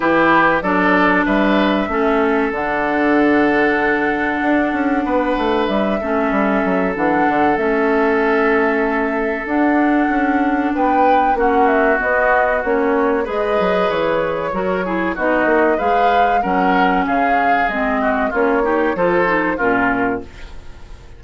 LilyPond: <<
  \new Staff \with { instrumentName = "flute" } { \time 4/4 \tempo 4 = 95 b'4 d''4 e''2 | fis''1~ | fis''4 e''2 fis''4 | e''2. fis''4~ |
fis''4 g''4 fis''8 e''8 dis''4 | cis''4 dis''4 cis''2 | dis''4 f''4 fis''4 f''4 | dis''4 cis''4 c''4 ais'4 | }
  \new Staff \with { instrumentName = "oboe" } { \time 4/4 g'4 a'4 b'4 a'4~ | a'1 | b'4. a'2~ a'8~ | a'1~ |
a'4 b'4 fis'2~ | fis'4 b'2 ais'8 gis'8 | fis'4 b'4 ais'4 gis'4~ | gis'8 fis'8 f'8 g'8 a'4 f'4 | }
  \new Staff \with { instrumentName = "clarinet" } { \time 4/4 e'4 d'2 cis'4 | d'1~ | d'4. cis'4. d'4 | cis'2. d'4~ |
d'2 cis'4 b4 | cis'4 gis'2 fis'8 e'8 | dis'4 gis'4 cis'2 | c'4 cis'8 dis'8 f'8 dis'8 cis'4 | }
  \new Staff \with { instrumentName = "bassoon" } { \time 4/4 e4 fis4 g4 a4 | d2. d'8 cis'8 | b8 a8 g8 a8 g8 fis8 e8 d8 | a2. d'4 |
cis'4 b4 ais4 b4 | ais4 gis8 fis8 e4 fis4 | b8 ais8 gis4 fis4 cis4 | gis4 ais4 f4 ais,4 | }
>>